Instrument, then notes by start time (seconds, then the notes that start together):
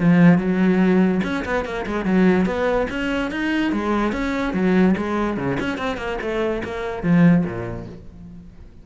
cello
0.00 F3
0.38 F#3
1.24 C#4
1.45 B3
1.65 A#3
1.87 G#3
2.06 F#3
2.46 B3
2.90 C#4
3.31 D#4
3.73 G#3
4.13 C#4
4.54 F#3
4.97 G#3
5.37 C#3
5.60 C#4
5.78 C4
5.97 A#3
6.21 A3
6.64 A#3
7.03 F3
7.45 A#2